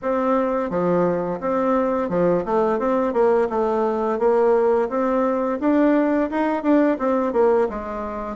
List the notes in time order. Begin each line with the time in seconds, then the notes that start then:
0.02 C4
0.70 F3
1.40 C4
2.09 F3
2.45 A3
2.79 C4
3.13 A#3
3.49 A3
4.19 A#3
4.89 C4
5.60 D4
6.30 D#4
6.62 D4
6.98 C4
7.33 A#3
7.69 G#3